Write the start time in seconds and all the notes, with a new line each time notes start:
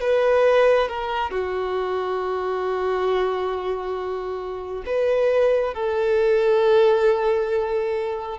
0.00 B4
0.88 A#4
1.30 F#4
4.86 B4
5.74 A4